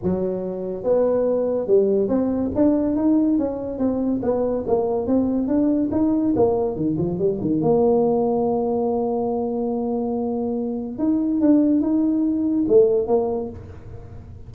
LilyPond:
\new Staff \with { instrumentName = "tuba" } { \time 4/4 \tempo 4 = 142 fis2 b2 | g4 c'4 d'4 dis'4 | cis'4 c'4 b4 ais4 | c'4 d'4 dis'4 ais4 |
dis8 f8 g8 dis8 ais2~ | ais1~ | ais2 dis'4 d'4 | dis'2 a4 ais4 | }